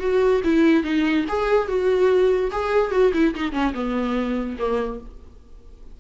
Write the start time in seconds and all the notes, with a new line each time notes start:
0.00 F#4
0.44 E4
0.84 D#4
1.29 G#4
1.68 F#4
2.52 G#4
2.91 F#4
3.14 E4
3.35 D#4
3.52 C#4
3.74 B3
4.59 A#3